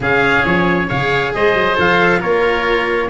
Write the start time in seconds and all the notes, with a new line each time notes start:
0.00 C#3 C#4 G#4 F5
0.45 F3 C#5
0.87 C#3 G#4 C#5 F5
1.34 G#3 C5 D#5
1.54 F#3
1.74 F3 A4 F5
2.19 A#3 F4 A#4 C#5